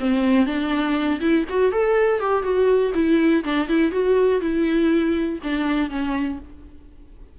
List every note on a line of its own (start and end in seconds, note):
0.00 0.46 C4
0.46 1.20 D4
1.21 1.45 E4
1.49 1.73 F#4
1.73 2.20 A4
2.20 2.43 G4
2.43 2.92 F#4
2.95 3.44 E4
3.44 3.69 D4
3.69 3.92 E4
3.92 4.41 F#4
4.41 5.39 E4
5.44 5.90 D4
5.90 6.39 C#4